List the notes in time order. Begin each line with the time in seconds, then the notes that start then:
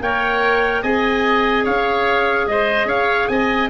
0.00 A#3 A#4 C#5 G5
0.82 C4 G#4 D#5 G#5
1.64 C#4 C#5 F5
2.46 G#3 C5 D#5
2.85 C#4 C#5 F5
3.28 C4 D#5 G#5